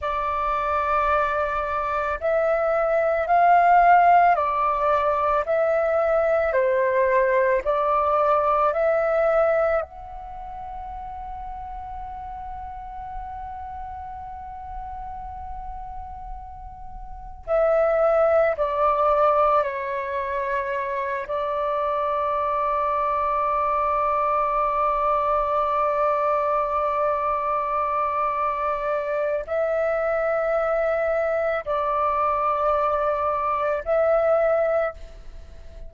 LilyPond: \new Staff \with { instrumentName = "flute" } { \time 4/4 \tempo 4 = 55 d''2 e''4 f''4 | d''4 e''4 c''4 d''4 | e''4 fis''2.~ | fis''1 |
e''4 d''4 cis''4. d''8~ | d''1~ | d''2. e''4~ | e''4 d''2 e''4 | }